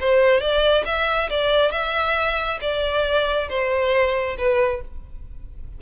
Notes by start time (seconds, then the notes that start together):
0.00 C5
0.40 D5
0.85 E5
1.30 D5
1.71 E5
2.61 D5
3.49 C5
4.38 B4